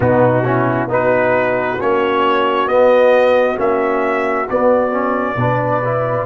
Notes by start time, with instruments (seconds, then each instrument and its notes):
0.00 tuba B2, trombone B3, horn D#4, trumpet F#4
0.44 trombone C#4, horn E4
0.87 tuba B3, trombone D#4, horn F#4, trumpet B4
1.80 tuba A#3, trombone C#4, trumpet C#5
2.67 tuba B3, trombone B3, trumpet D#5
3.56 tuba A#3, trombone C#4, trumpet E5
4.49 tuba B3, trombone B3, trumpet D5
4.91 trombone C#4
5.35 tuba B2, trombone D4, horn B4
5.84 trombone E4